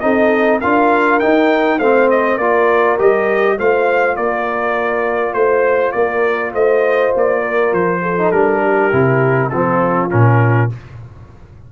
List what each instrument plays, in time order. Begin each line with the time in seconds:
0.00 tuba C4, trombone D#4, horn A4, trumpet D#5
0.60 tuba D4, trombone F4, horn A#4, trumpet F5
1.19 trombone D#4, tuba D#4, trumpet G5
1.78 tuba A3, trombone C4, horn C5, trumpet F5
2.10 trumpet D#5
2.37 tuba A#3, trombone F4, horn A#4, trumpet D5
2.98 tuba G3, trombone G4, trumpet D#5
3.57 tuba A3, trombone F4, horn C5, trumpet F5
4.16 tuba A#3, horn A#4, trumpet D5
5.33 tuba A3, trumpet C5, horn C5
5.92 tuba A#3, horn A#4, trumpet D5
6.53 tuba A3, horn C5, trumpet D#5
7.15 tuba A#3, trumpet D5
7.41 horn A#4
7.72 tuba F3, trumpet C5
8.02 horn A4
8.18 trombone D#4
8.31 tuba G3, trombone D4, trumpet A#4
8.62 horn G4
8.91 tuba C3, trombone E4
9.49 tuba F3, trombone C4, horn F4, trumpet A4
10.10 tuba A#2, trombone C#4, trumpet A#4